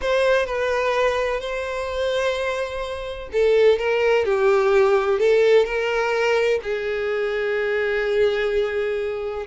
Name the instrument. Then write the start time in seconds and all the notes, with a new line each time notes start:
violin
0.01 C5
0.46 B4
1.40 C5
3.32 A4
3.78 A#4
4.25 G4
5.19 A4
5.65 A#4
6.62 G#4